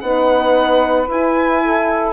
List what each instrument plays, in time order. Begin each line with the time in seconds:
0.00 bassoon B3, horn D#4, saxophone B4, violin F#5
1.08 bassoon E4, horn E4, violin G#5
1.63 saxophone A4